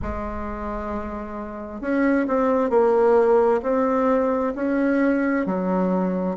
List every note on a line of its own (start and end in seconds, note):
0.02 1.81 G#3
1.81 2.26 C#4
2.27 2.70 C4
2.70 3.61 A#3
3.62 4.53 C4
4.55 5.45 C#4
5.45 6.36 F#3